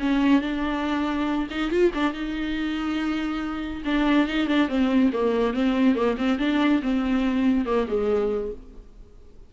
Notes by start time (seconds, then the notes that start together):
0.00 C#4
0.41 D4
1.50 D#4
1.71 F4
1.94 D4
2.14 D#4
3.85 D4
4.28 D#4
4.48 D4
4.69 C4
5.13 A#3
5.54 C4
5.96 A#3
6.18 C4
6.39 D4
6.83 C4
7.66 A#3
7.88 G#3